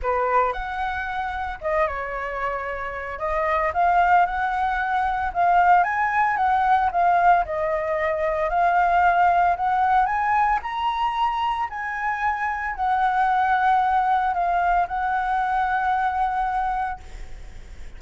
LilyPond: \new Staff \with { instrumentName = "flute" } { \time 4/4 \tempo 4 = 113 b'4 fis''2 dis''8 cis''8~ | cis''2 dis''4 f''4 | fis''2 f''4 gis''4 | fis''4 f''4 dis''2 |
f''2 fis''4 gis''4 | ais''2 gis''2 | fis''2. f''4 | fis''1 | }